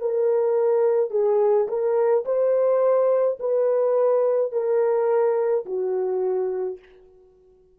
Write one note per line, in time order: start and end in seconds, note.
0.00 1.10 A#4
1.10 1.67 G#4
1.67 2.24 A#4
2.25 3.38 C5
3.39 4.51 B4
4.51 5.64 A#4
5.65 6.78 F#4